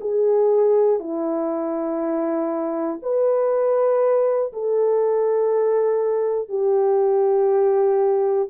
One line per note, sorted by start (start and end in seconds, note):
0.00 0.99 G#4
0.99 2.99 E4
3.02 4.52 B4
4.53 6.49 A4
6.49 8.49 G4